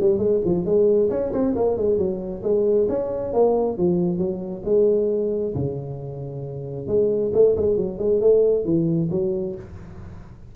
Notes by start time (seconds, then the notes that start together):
0.00 G3
0.19 G#3
0.45 F3
0.65 G#3
1.10 C#4
1.32 C4
1.56 A#3
1.77 G#3
1.98 F#3
2.43 G#3
2.89 C#4
3.33 A#3
3.78 F3
4.18 F#3
4.65 G#3
5.55 C#3
6.87 G#3
7.34 A3
7.57 G#3
7.77 F#3
7.99 G#3
8.21 A3
8.65 E3
9.11 F#3